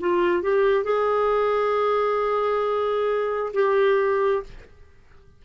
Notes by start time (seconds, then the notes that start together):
0.00 F4
0.43 G4
0.84 G#4
3.54 G4